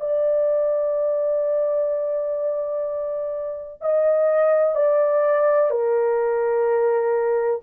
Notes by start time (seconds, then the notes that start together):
0.00 D5
3.81 D#5
4.75 D5
5.70 A#4